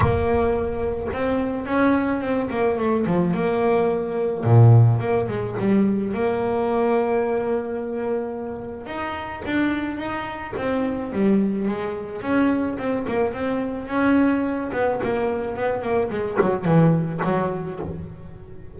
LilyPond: \new Staff \with { instrumentName = "double bass" } { \time 4/4 \tempo 4 = 108 ais2 c'4 cis'4 | c'8 ais8 a8 f8 ais2 | ais,4 ais8 gis8 g4 ais4~ | ais1 |
dis'4 d'4 dis'4 c'4 | g4 gis4 cis'4 c'8 ais8 | c'4 cis'4. b8 ais4 | b8 ais8 gis8 fis8 e4 fis4 | }